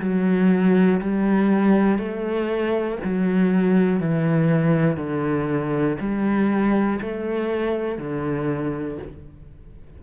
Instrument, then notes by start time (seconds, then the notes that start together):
cello
0.00 F#3
1.00 G3
1.98 A3
3.04 F#3
4.00 E3
4.96 D3
6.00 G3
7.01 A3
7.97 D3